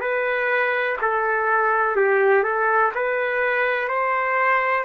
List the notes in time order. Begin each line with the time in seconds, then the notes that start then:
0.00 B4
1.02 A4
1.96 G4
2.43 A4
2.95 B4
3.88 C5